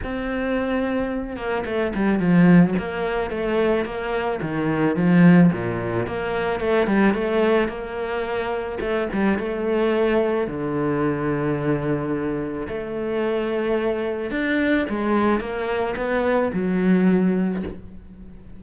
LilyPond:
\new Staff \with { instrumentName = "cello" } { \time 4/4 \tempo 4 = 109 c'2~ c'8 ais8 a8 g8 | f4 ais4 a4 ais4 | dis4 f4 ais,4 ais4 | a8 g8 a4 ais2 |
a8 g8 a2 d4~ | d2. a4~ | a2 d'4 gis4 | ais4 b4 fis2 | }